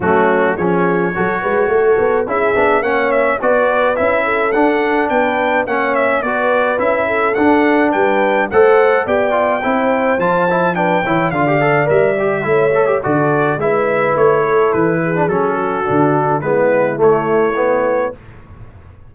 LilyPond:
<<
  \new Staff \with { instrumentName = "trumpet" } { \time 4/4 \tempo 4 = 106 fis'4 cis''2. | e''4 fis''8 e''8 d''4 e''4 | fis''4 g''4 fis''8 e''8 d''4 | e''4 fis''4 g''4 fis''4 |
g''2 a''4 g''4 | f''4 e''2 d''4 | e''4 cis''4 b'4 a'4~ | a'4 b'4 cis''2 | }
  \new Staff \with { instrumentName = "horn" } { \time 4/4 cis'4 gis'4 a'8 b'8 a'4 | gis'4 cis''4 b'4. a'8~ | a'4 b'4 cis''4 b'4~ | b'8 a'4. b'4 c''4 |
d''4 c''2 b'8 cis''8 | d''2 cis''4 a'4 | b'4. a'4 gis'4 fis'8~ | fis'4 e'2. | }
  \new Staff \with { instrumentName = "trombone" } { \time 4/4 a4 cis'4 fis'2 | e'8 d'8 cis'4 fis'4 e'4 | d'2 cis'4 fis'4 | e'4 d'2 a'4 |
g'8 f'8 e'4 f'8 e'8 d'8 e'8 | f'16 g'16 a'8 ais'8 g'8 e'8 a'16 g'16 fis'4 | e'2~ e'8. d'16 cis'4 | d'4 b4 a4 b4 | }
  \new Staff \with { instrumentName = "tuba" } { \time 4/4 fis4 f4 fis8 gis8 a8 b8 | cis'8 b8 ais4 b4 cis'4 | d'4 b4 ais4 b4 | cis'4 d'4 g4 a4 |
b4 c'4 f4. e8 | d4 g4 a4 d4 | gis4 a4 e4 fis4 | d4 gis4 a2 | }
>>